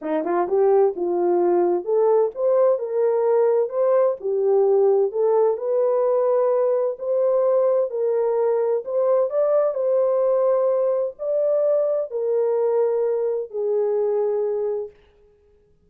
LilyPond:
\new Staff \with { instrumentName = "horn" } { \time 4/4 \tempo 4 = 129 dis'8 f'8 g'4 f'2 | a'4 c''4 ais'2 | c''4 g'2 a'4 | b'2. c''4~ |
c''4 ais'2 c''4 | d''4 c''2. | d''2 ais'2~ | ais'4 gis'2. | }